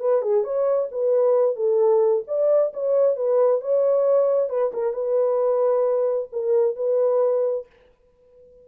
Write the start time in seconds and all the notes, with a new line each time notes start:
0.00 B4
0.22 G#4
0.44 C#5
0.91 B4
1.56 A4
2.28 D5
2.73 C#5
3.16 B4
3.61 C#5
4.49 B4
4.74 A#4
4.93 B4
6.32 A#4
6.76 B4